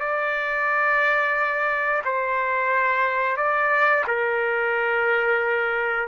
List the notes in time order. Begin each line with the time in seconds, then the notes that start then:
0.00 D5
2.05 C5
3.37 D5
4.07 A#4